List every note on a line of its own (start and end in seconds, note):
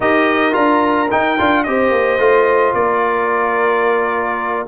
0.00 0.55 D#4
0.00 0.52 G4
0.00 1.64 A#4
0.00 0.54 D#5
0.52 1.10 D4
0.52 1.07 F4
0.52 1.09 A#5
1.11 1.38 D#4
1.11 1.39 D#4
1.11 1.63 G5
1.38 1.66 D4
1.38 1.65 F4
1.63 1.90 C4
1.63 2.19 G4
1.63 2.77 C5
1.63 2.73 D#5
1.90 2.18 A#3
2.18 2.73 A3
2.18 4.66 F4
2.74 4.66 A#3
2.74 4.67 A#4
2.74 4.66 D5